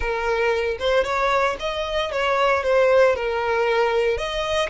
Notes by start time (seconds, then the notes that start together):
0.00 A#4
0.79 C5
1.04 C#5
1.59 D#5
2.11 C#5
2.63 C5
3.15 A#4
4.17 D#5